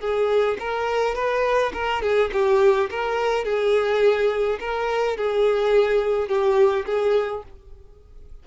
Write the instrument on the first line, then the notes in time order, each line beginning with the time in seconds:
violin
0.00 G#4
0.59 A#4
1.15 B4
1.74 A#4
2.02 G#4
2.33 G4
2.90 A#4
3.44 G#4
4.60 A#4
5.17 G#4
6.28 G4
6.86 G#4